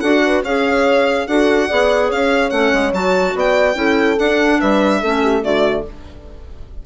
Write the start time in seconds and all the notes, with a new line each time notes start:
0.00 D4 F#4 A4 F#5
0.25 B4
0.43 C#4 G#4 C#5 F5
1.27 D4 F#4 A4 F#5
1.67 B3 G#4 D5
2.08 C#4 C#5 F5
2.50 A3 C#4 F#5
2.73 G#3
2.92 F#3 F#4 A5
3.35 B3 D5 G5
3.74 C#4 E4 A4
4.19 D4 F#5
4.59 G3 B4 E5
5.00 A3 C#4 A4
5.23 G4
5.42 D3 A3 F#4 D5